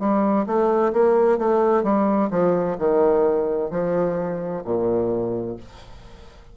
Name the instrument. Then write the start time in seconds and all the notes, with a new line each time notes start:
bassoon
0.00 G3
0.47 A3
0.93 A#3
1.38 A3
1.84 G3
2.31 F3
2.79 D#3
3.71 F3
4.65 A#2